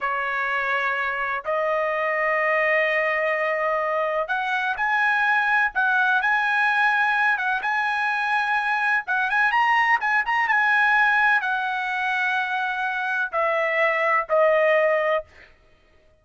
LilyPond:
\new Staff \with { instrumentName = "trumpet" } { \time 4/4 \tempo 4 = 126 cis''2. dis''4~ | dis''1~ | dis''4 fis''4 gis''2 | fis''4 gis''2~ gis''8 fis''8 |
gis''2. fis''8 gis''8 | ais''4 gis''8 ais''8 gis''2 | fis''1 | e''2 dis''2 | }